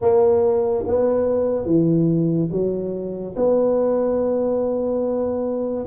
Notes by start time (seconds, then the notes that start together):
0.01 A#3
0.86 B3
1.65 E3
2.51 F#3
3.35 B3